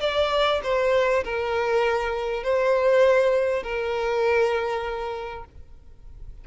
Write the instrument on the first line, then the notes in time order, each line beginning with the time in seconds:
violin
0.00 D5
0.63 C5
1.24 A#4
2.43 C5
3.63 A#4